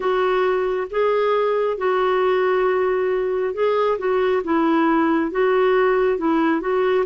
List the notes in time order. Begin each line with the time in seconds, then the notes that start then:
0.00 F#4
0.90 G#4
1.77 F#4
3.54 G#4
3.98 F#4
4.44 E4
5.31 F#4
6.18 E4
6.61 F#4